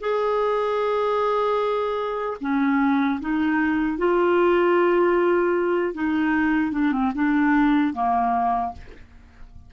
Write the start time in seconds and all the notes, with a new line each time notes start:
0.00 G#4
2.41 C#4
3.21 D#4
3.98 F4
5.94 D#4
6.72 D4
6.92 C4
7.14 D4
7.93 A#3